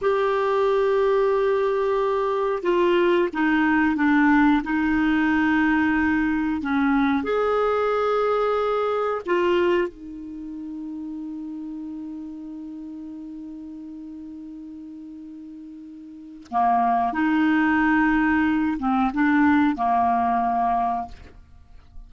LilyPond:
\new Staff \with { instrumentName = "clarinet" } { \time 4/4 \tempo 4 = 91 g'1 | f'4 dis'4 d'4 dis'4~ | dis'2 cis'4 gis'4~ | gis'2 f'4 dis'4~ |
dis'1~ | dis'1~ | dis'4 ais4 dis'2~ | dis'8 c'8 d'4 ais2 | }